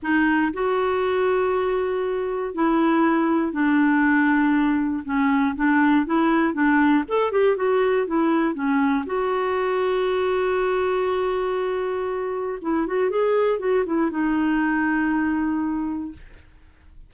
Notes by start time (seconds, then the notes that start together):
0.02 D#4
0.53 F#4
2.54 E4
3.52 D4
5.04 C#4
5.55 D4
6.05 E4
6.53 D4
7.08 A4
7.31 G4
7.56 F#4
8.06 E4
8.54 C#4
9.05 F#4
12.61 E4
12.86 F#4
13.10 G#4
13.59 F#4
13.85 E4
14.10 D#4